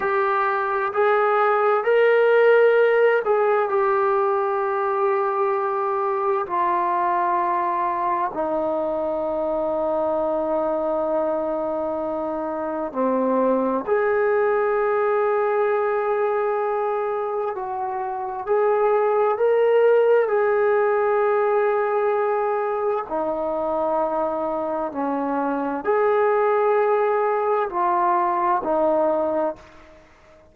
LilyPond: \new Staff \with { instrumentName = "trombone" } { \time 4/4 \tempo 4 = 65 g'4 gis'4 ais'4. gis'8 | g'2. f'4~ | f'4 dis'2.~ | dis'2 c'4 gis'4~ |
gis'2. fis'4 | gis'4 ais'4 gis'2~ | gis'4 dis'2 cis'4 | gis'2 f'4 dis'4 | }